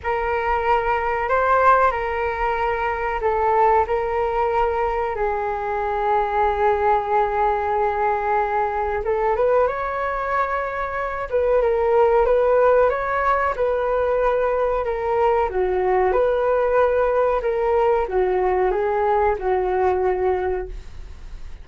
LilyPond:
\new Staff \with { instrumentName = "flute" } { \time 4/4 \tempo 4 = 93 ais'2 c''4 ais'4~ | ais'4 a'4 ais'2 | gis'1~ | gis'2 a'8 b'8 cis''4~ |
cis''4. b'8 ais'4 b'4 | cis''4 b'2 ais'4 | fis'4 b'2 ais'4 | fis'4 gis'4 fis'2 | }